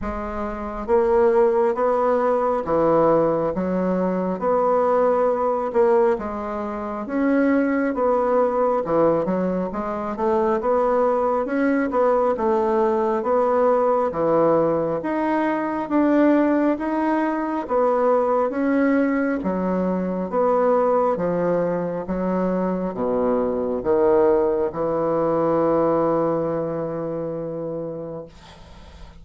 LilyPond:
\new Staff \with { instrumentName = "bassoon" } { \time 4/4 \tempo 4 = 68 gis4 ais4 b4 e4 | fis4 b4. ais8 gis4 | cis'4 b4 e8 fis8 gis8 a8 | b4 cis'8 b8 a4 b4 |
e4 dis'4 d'4 dis'4 | b4 cis'4 fis4 b4 | f4 fis4 b,4 dis4 | e1 | }